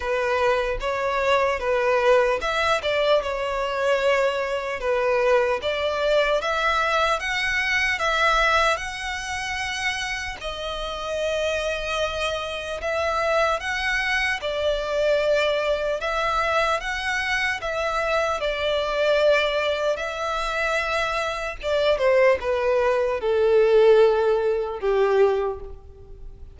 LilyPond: \new Staff \with { instrumentName = "violin" } { \time 4/4 \tempo 4 = 75 b'4 cis''4 b'4 e''8 d''8 | cis''2 b'4 d''4 | e''4 fis''4 e''4 fis''4~ | fis''4 dis''2. |
e''4 fis''4 d''2 | e''4 fis''4 e''4 d''4~ | d''4 e''2 d''8 c''8 | b'4 a'2 g'4 | }